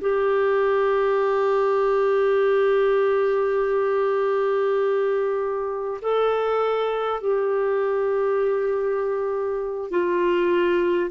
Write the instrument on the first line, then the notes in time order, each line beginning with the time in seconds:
clarinet
0.00 G4
6.01 A4
7.21 G4
9.90 F4